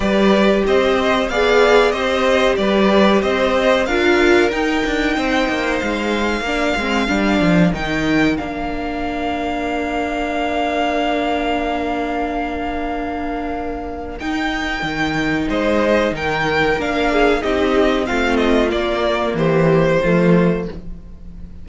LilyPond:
<<
  \new Staff \with { instrumentName = "violin" } { \time 4/4 \tempo 4 = 93 d''4 dis''4 f''4 dis''4 | d''4 dis''4 f''4 g''4~ | g''4 f''2. | g''4 f''2.~ |
f''1~ | f''2 g''2 | dis''4 g''4 f''4 dis''4 | f''8 dis''8 d''4 c''2 | }
  \new Staff \with { instrumentName = "violin" } { \time 4/4 b'4 c''4 d''4 c''4 | b'4 c''4 ais'2 | c''2 ais'2~ | ais'1~ |
ais'1~ | ais'1 | c''4 ais'4. gis'8 g'4 | f'2 g'4 f'4 | }
  \new Staff \with { instrumentName = "viola" } { \time 4/4 g'2 gis'4 g'4~ | g'2 f'4 dis'4~ | dis'2 d'8 c'8 d'4 | dis'4 d'2.~ |
d'1~ | d'2 dis'2~ | dis'2 d'4 dis'4 | c'4 ais2 a4 | }
  \new Staff \with { instrumentName = "cello" } { \time 4/4 g4 c'4 b4 c'4 | g4 c'4 d'4 dis'8 d'8 | c'8 ais8 gis4 ais8 gis8 g8 f8 | dis4 ais2.~ |
ais1~ | ais2 dis'4 dis4 | gis4 dis4 ais4 c'4 | a4 ais4 e4 f4 | }
>>